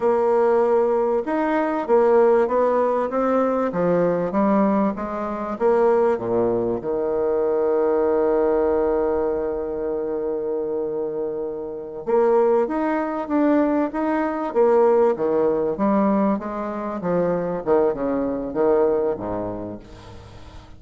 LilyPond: \new Staff \with { instrumentName = "bassoon" } { \time 4/4 \tempo 4 = 97 ais2 dis'4 ais4 | b4 c'4 f4 g4 | gis4 ais4 ais,4 dis4~ | dis1~ |
dis2.~ dis8 ais8~ | ais8 dis'4 d'4 dis'4 ais8~ | ais8 dis4 g4 gis4 f8~ | f8 dis8 cis4 dis4 gis,4 | }